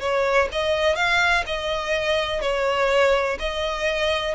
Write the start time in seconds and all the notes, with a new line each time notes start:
0.00 C#5
0.52 D#5
0.95 F5
1.46 D#5
2.41 C#5
3.39 D#5